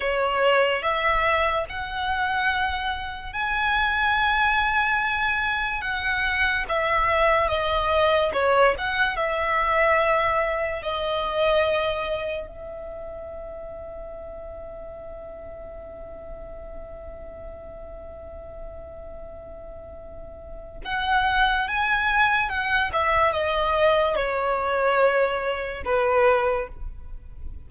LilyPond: \new Staff \with { instrumentName = "violin" } { \time 4/4 \tempo 4 = 72 cis''4 e''4 fis''2 | gis''2. fis''4 | e''4 dis''4 cis''8 fis''8 e''4~ | e''4 dis''2 e''4~ |
e''1~ | e''1~ | e''4 fis''4 gis''4 fis''8 e''8 | dis''4 cis''2 b'4 | }